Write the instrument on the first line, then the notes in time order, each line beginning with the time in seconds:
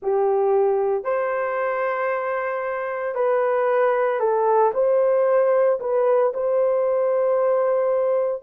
horn
0.02 G4
1.04 C5
3.14 B4
4.19 A4
4.74 C5
5.79 B4
6.33 C5